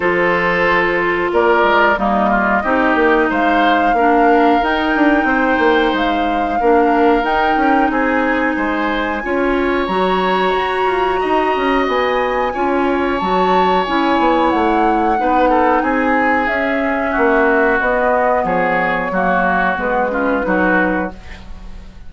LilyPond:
<<
  \new Staff \with { instrumentName = "flute" } { \time 4/4 \tempo 4 = 91 c''2 d''4 dis''4~ | dis''4 f''2 g''4~ | g''4 f''2 g''4 | gis''2. ais''4~ |
ais''2 gis''2 | a''4 gis''4 fis''2 | gis''4 e''2 dis''4 | cis''2 b'2 | }
  \new Staff \with { instrumentName = "oboe" } { \time 4/4 a'2 ais'4 dis'8 f'8 | g'4 c''4 ais'2 | c''2 ais'2 | gis'4 c''4 cis''2~ |
cis''4 dis''2 cis''4~ | cis''2. b'8 a'8 | gis'2 fis'2 | gis'4 fis'4. f'8 fis'4 | }
  \new Staff \with { instrumentName = "clarinet" } { \time 4/4 f'2. ais4 | dis'2 d'4 dis'4~ | dis'2 d'4 dis'4~ | dis'2 f'4 fis'4~ |
fis'2. f'4 | fis'4 e'2 dis'4~ | dis'4 cis'2 b4~ | b4 ais4 b8 cis'8 dis'4 | }
  \new Staff \with { instrumentName = "bassoon" } { \time 4/4 f2 ais8 gis8 g4 | c'8 ais8 gis4 ais4 dis'8 d'8 | c'8 ais8 gis4 ais4 dis'8 cis'8 | c'4 gis4 cis'4 fis4 |
fis'8 f'8 dis'8 cis'8 b4 cis'4 | fis4 cis'8 b8 a4 b4 | c'4 cis'4 ais4 b4 | f4 fis4 gis4 fis4 | }
>>